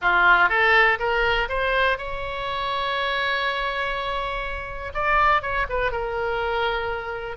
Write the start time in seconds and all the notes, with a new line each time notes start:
0.01 F4
0.49 A4
0.99 A#4
1.48 C5
1.97 C#5
4.94 D5
5.41 C#5
5.69 B4
5.91 A#4